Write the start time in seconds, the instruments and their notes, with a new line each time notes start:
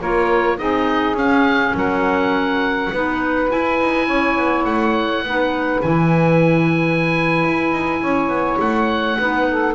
0.00 double bass A#3, clarinet F4, saxophone A#4, oboe C#5
0.58 double bass C4, clarinet D#4, saxophone G#4, oboe D#5
1.14 double bass C#4, clarinet C#4, oboe F5
1.75 double bass F#3, saxophone A#4, oboe F#5
2.93 double bass B3, clarinet D#4, saxophone B4
3.50 clarinet E4, double bass E4, oboe G#5
3.81 double bass D#4
4.08 double bass C#4, saxophone C#5
4.37 double bass B3
4.65 double bass A3, oboe F#5
5.23 double bass B3, clarinet D#4, saxophone B4
5.83 double bass E3, clarinet E4, oboe G#5
7.44 double bass E4
7.73 double bass D#4
8.02 double bass C#4, saxophone C#5
8.28 double bass B3
8.60 double bass A3, oboe F#5
9.19 double bass B3, clarinet D#4, saxophone B4
9.50 saxophone A4